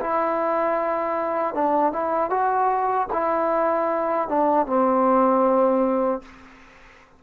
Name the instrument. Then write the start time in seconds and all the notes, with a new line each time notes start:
trombone
0.00 E4
1.54 D4
1.92 E4
2.30 F#4
3.12 E4
4.28 D4
4.66 C4